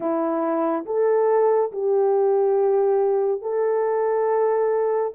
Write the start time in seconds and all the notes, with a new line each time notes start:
0.00 E4
0.85 A4
1.71 G4
3.41 A4